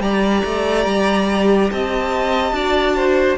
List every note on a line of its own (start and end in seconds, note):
0.00 0.42 G3
0.00 2.53 G4
0.00 1.71 D5
0.00 1.70 A#5
0.44 0.86 A3
0.86 1.70 G3
1.70 2.52 C4
1.70 2.55 D#5
1.70 3.38 A5
2.52 3.37 D4
2.52 3.38 F#4
2.52 2.96 D5
2.96 3.38 C5